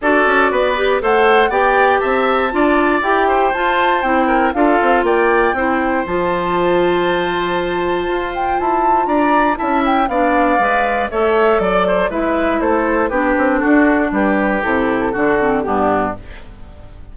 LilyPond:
<<
  \new Staff \with { instrumentName = "flute" } { \time 4/4 \tempo 4 = 119 d''2 fis''4 g''4 | a''2 g''4 a''4 | g''4 f''4 g''2 | a''1~ |
a''8 g''8 a''4 ais''4 a''8 g''8 | f''2 e''4 d''4 | e''4 c''4 b'4 a'4 | b'4 a'2 g'4 | }
  \new Staff \with { instrumentName = "oboe" } { \time 4/4 a'4 b'4 c''4 d''4 | e''4 d''4. c''4.~ | c''8 ais'8 a'4 d''4 c''4~ | c''1~ |
c''2 d''4 e''4 | d''2 cis''4 d''8 c''8 | b'4 a'4 g'4 fis'4 | g'2 fis'4 d'4 | }
  \new Staff \with { instrumentName = "clarinet" } { \time 4/4 fis'4. g'8 a'4 g'4~ | g'4 f'4 g'4 f'4 | e'4 f'2 e'4 | f'1~ |
f'2. e'4 | d'4 b'4 a'2 | e'2 d'2~ | d'4 e'4 d'8 c'8 b4 | }
  \new Staff \with { instrumentName = "bassoon" } { \time 4/4 d'8 cis'8 b4 a4 b4 | c'4 d'4 e'4 f'4 | c'4 d'8 c'8 ais4 c'4 | f1 |
f'4 e'4 d'4 cis'4 | b4 gis4 a4 fis4 | gis4 a4 b8 c'8 d'4 | g4 c4 d4 g,4 | }
>>